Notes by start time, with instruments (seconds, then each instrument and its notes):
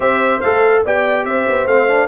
0.00 tuba C4, trombone G4, horn C5, trumpet E5
0.41 tuba A3, trombone A4, trumpet F5
0.84 tuba B3, trombone G4, horn D5, trumpet G5
1.25 tuba C4, horn C5, trumpet E5
1.48 tuba B3
1.66 tuba A3, trombone C4, trumpet F5
1.87 trombone D4